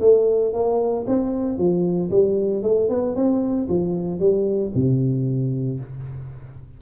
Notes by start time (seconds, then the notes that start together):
0.00 A3
0.53 A#3
1.07 C4
1.57 F3
2.10 G3
2.62 A3
2.89 B3
3.15 C4
3.68 F3
4.19 G3
4.74 C3